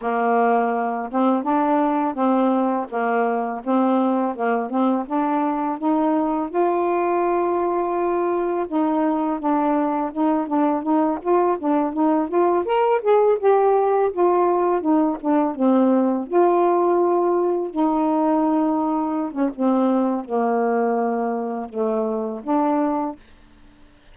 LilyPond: \new Staff \with { instrumentName = "saxophone" } { \time 4/4 \tempo 4 = 83 ais4. c'8 d'4 c'4 | ais4 c'4 ais8 c'8 d'4 | dis'4 f'2. | dis'4 d'4 dis'8 d'8 dis'8 f'8 |
d'8 dis'8 f'8 ais'8 gis'8 g'4 f'8~ | f'8 dis'8 d'8 c'4 f'4.~ | f'8 dis'2~ dis'16 cis'16 c'4 | ais2 a4 d'4 | }